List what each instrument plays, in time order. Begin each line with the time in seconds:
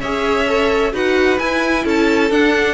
0.00 cello C#4, viola G#4, violin C#5 E5
0.47 viola A4
0.92 cello D#4, viola F#4, violin B4 F#5
1.39 viola E4, cello E4, violin G#5
1.85 cello C#4, violin A4 A5
2.31 viola D4, cello D4, violin F#5